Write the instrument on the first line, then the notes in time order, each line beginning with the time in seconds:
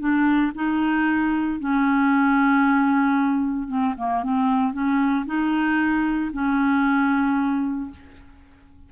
clarinet
0.00 D4
0.55 D#4
1.60 C#4
3.69 C4
3.98 A#3
4.24 C4
4.73 C#4
5.26 D#4
6.33 C#4